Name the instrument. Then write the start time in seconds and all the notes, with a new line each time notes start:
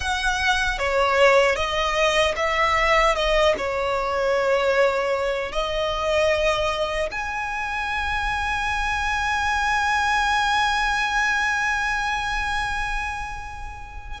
violin
0.00 F#5
0.78 C#5
1.55 D#5
2.36 E5
3.15 D#5
3.57 C#5
5.52 D#5
7.11 G#5